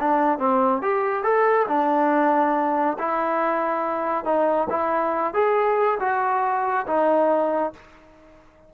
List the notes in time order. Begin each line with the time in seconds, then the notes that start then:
0.00 D4
0.39 C4
0.82 G4
1.24 A4
1.68 D4
2.99 E4
4.25 D#4
4.70 E4
5.34 G#4
6.00 F#4
6.87 D#4